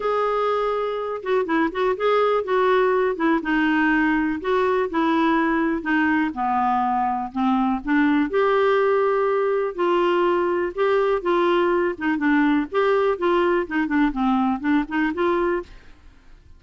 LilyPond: \new Staff \with { instrumentName = "clarinet" } { \time 4/4 \tempo 4 = 123 gis'2~ gis'8 fis'8 e'8 fis'8 | gis'4 fis'4. e'8 dis'4~ | dis'4 fis'4 e'2 | dis'4 b2 c'4 |
d'4 g'2. | f'2 g'4 f'4~ | f'8 dis'8 d'4 g'4 f'4 | dis'8 d'8 c'4 d'8 dis'8 f'4 | }